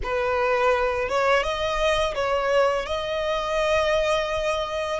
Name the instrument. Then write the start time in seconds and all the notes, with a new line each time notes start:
violin
0.03 B4
1.08 C#5
1.43 D#5
2.15 C#5
2.86 D#5